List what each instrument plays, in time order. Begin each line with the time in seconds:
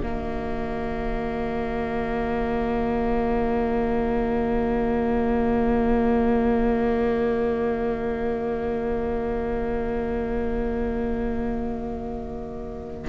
0.00 cello D#3, viola A#3, violin F#4 D#5